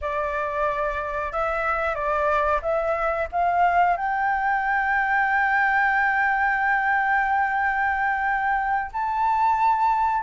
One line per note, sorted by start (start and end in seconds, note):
0.01 1.32 D5
1.32 1.94 E5
1.94 2.60 D5
2.62 3.28 E5
3.31 3.96 F5
3.96 8.91 G5
8.93 10.23 A5